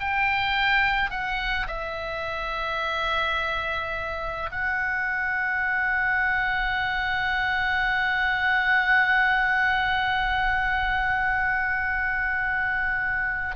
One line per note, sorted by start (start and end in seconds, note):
0.00 1.11 G5
1.11 1.67 F#5
1.67 4.50 E5
4.51 13.56 F#5